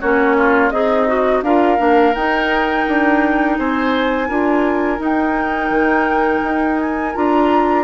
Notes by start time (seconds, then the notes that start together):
0.00 A#3 C#4 F#4 C#5
0.37 F4
0.70 C4 D#4 G#4 D#5
1.07 F#4
1.42 D4 F4 A#4 F5
1.77 A#3 D4
2.14 D#4 G5
2.87 D4
3.58 C4 C5 G#5
4.28 D4 F4 A#4
4.98 D#4 G5
5.70 D#3
6.43 D#4
6.80 G#5
7.14 D4 F4 A#5